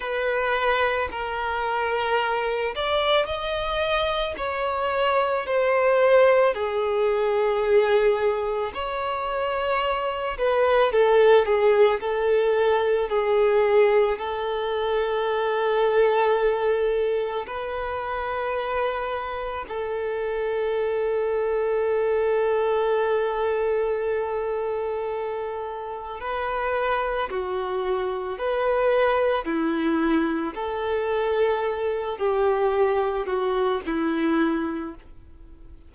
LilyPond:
\new Staff \with { instrumentName = "violin" } { \time 4/4 \tempo 4 = 55 b'4 ais'4. d''8 dis''4 | cis''4 c''4 gis'2 | cis''4. b'8 a'8 gis'8 a'4 | gis'4 a'2. |
b'2 a'2~ | a'1 | b'4 fis'4 b'4 e'4 | a'4. g'4 fis'8 e'4 | }